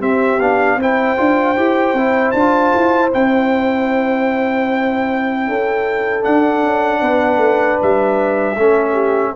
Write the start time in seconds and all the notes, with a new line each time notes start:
0.00 C4 G4 E5
0.40 B3 D4 F5
0.76 C4 E4 C5
0.82 G5
1.17 D4 F4
1.57 E4 G4
1.94 C4 E4
2.31 D4 F4 A5
2.75 E4
3.11 C4 E4 G5
5.47 C#4 A4
6.22 D4 F#5
6.63 C#4
7.01 B3 B4
7.37 A3
7.82 G3 E5
8.57 A3 C#4 A4
8.93 G4